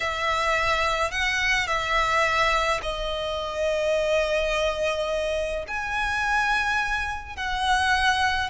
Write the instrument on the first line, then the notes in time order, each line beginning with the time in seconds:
violin
0.00 E5
1.11 F#5
1.67 E5
2.82 D#5
5.67 G#5
7.36 F#5